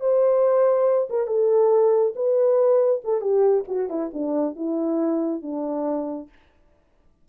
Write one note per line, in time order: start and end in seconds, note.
0.00 1.08 C5
1.09 1.27 A#4
1.27 2.13 A4
2.15 3.01 B4
3.04 3.21 A4
3.21 3.64 G4
3.67 3.89 F#4
3.89 4.11 E4
4.13 4.55 D4
4.55 5.42 E4
5.42 6.28 D4